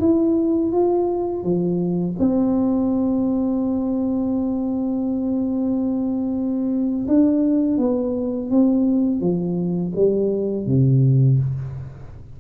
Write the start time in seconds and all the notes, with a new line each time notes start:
0.00 E4
0.72 F4
1.43 F3
2.19 C4
7.07 D4
7.78 B3
8.50 C4
9.20 F3
9.96 G3
10.66 C3